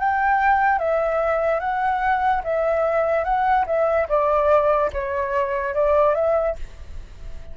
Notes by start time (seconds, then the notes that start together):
0.00 G5
0.79 E5
1.61 F#5
2.44 E5
3.25 F#5
3.67 E5
4.09 D5
4.93 C#5
5.75 D5
6.15 E5